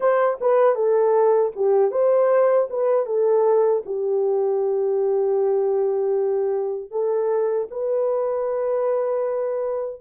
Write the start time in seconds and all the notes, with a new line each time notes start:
0.00 C5
0.41 B4
0.75 A4
1.55 G4
1.91 C5
2.70 B4
3.06 A4
3.85 G4
6.90 A4
7.71 B4